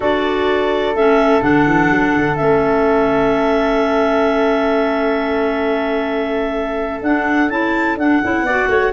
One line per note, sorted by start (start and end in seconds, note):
0.00 0.94 D4
0.00 0.94 F#4
0.00 8.45 A4
0.00 0.96 D5
0.94 1.41 A3
0.94 1.40 C#4
0.94 1.42 E5
1.40 1.66 D3
1.40 2.36 D4
1.40 2.36 F#5
1.66 1.90 E3
1.90 2.14 F#3
2.16 2.39 D3
2.36 7.01 A3
2.36 7.02 C#4
2.36 7.00 E5
7.01 7.49 D4
7.01 7.49 F#5
7.49 7.96 C#4
7.49 7.97 E4
7.49 7.97 A5
7.96 8.20 D4
7.96 8.22 D4
7.96 8.92 F#5
8.22 8.42 C#4
8.22 8.46 E4
8.42 8.66 B3
8.42 8.68 D5
8.49 8.92 F#4
8.68 8.91 A3
8.68 8.92 C#5